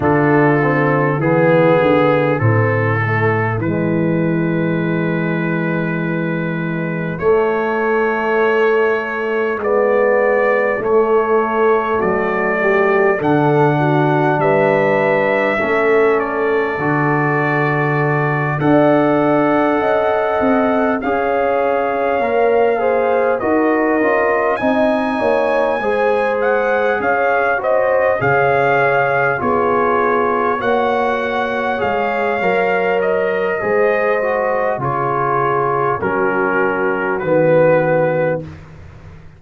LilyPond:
<<
  \new Staff \with { instrumentName = "trumpet" } { \time 4/4 \tempo 4 = 50 a'4 gis'4 a'4 b'4~ | b'2 cis''2 | d''4 cis''4 d''4 fis''4 | e''4. d''2 fis''8~ |
fis''4. f''2 dis''8~ | dis''8 gis''4. fis''8 f''8 dis''8 f''8~ | f''8 cis''4 fis''4 f''4 dis''8~ | dis''4 cis''4 ais'4 b'4 | }
  \new Staff \with { instrumentName = "horn" } { \time 4/4 f'4 e'2.~ | e'1~ | e'2 fis'8 g'8 a'8 fis'8 | b'4 a'2~ a'8 d''8~ |
d''8 dis''4 cis''4. c''8 ais'8~ | ais'8 dis''8 cis''8 c''4 cis''8 c''8 cis''8~ | cis''8 gis'4 cis''2~ cis''8 | c''4 gis'4 fis'2 | }
  \new Staff \with { instrumentName = "trombone" } { \time 4/4 d'8 c'8 b4 c'8 a8 gis4~ | gis2 a2 | b4 a2 d'4~ | d'4 cis'4 fis'4. a'8~ |
a'4. gis'4 ais'8 gis'8 fis'8 | f'8 dis'4 gis'4. fis'8 gis'8~ | gis'8 f'4 fis'4 gis'8 ais'4 | gis'8 fis'8 f'4 cis'4 b4 | }
  \new Staff \with { instrumentName = "tuba" } { \time 4/4 d4 e8 d8 a,4 e4~ | e2 a2 | gis4 a4 fis4 d4 | g4 a4 d4. d'8~ |
d'8 cis'8 c'8 cis'4 ais4 dis'8 | cis'8 c'8 ais8 gis4 cis'4 cis8~ | cis8 b4 ais4 gis8 fis4 | gis4 cis4 fis4 dis4 | }
>>